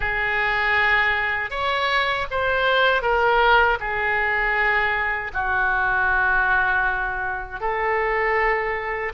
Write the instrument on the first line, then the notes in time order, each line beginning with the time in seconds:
oboe
0.00 G#4
1.50 C#5
2.30 C5
3.02 A#4
3.79 G#4
5.33 F#4
7.60 A4